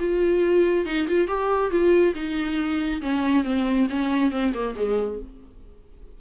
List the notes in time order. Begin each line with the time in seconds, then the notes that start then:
0.00 F4
0.86 D#4
1.08 F4
1.28 G4
1.71 F4
2.15 D#4
3.02 C#4
3.44 C4
3.90 C#4
4.32 C4
4.54 A#3
4.76 G#3